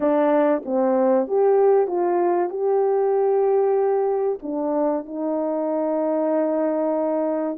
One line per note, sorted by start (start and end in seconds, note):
0.00 0.62 D4
0.65 1.27 C4
1.27 1.87 G4
1.87 2.49 F4
2.49 4.39 G4
4.42 5.05 D4
5.05 7.58 D#4